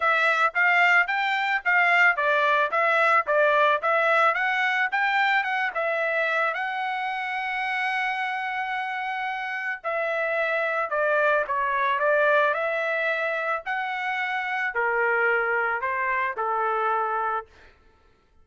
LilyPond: \new Staff \with { instrumentName = "trumpet" } { \time 4/4 \tempo 4 = 110 e''4 f''4 g''4 f''4 | d''4 e''4 d''4 e''4 | fis''4 g''4 fis''8 e''4. | fis''1~ |
fis''2 e''2 | d''4 cis''4 d''4 e''4~ | e''4 fis''2 ais'4~ | ais'4 c''4 a'2 | }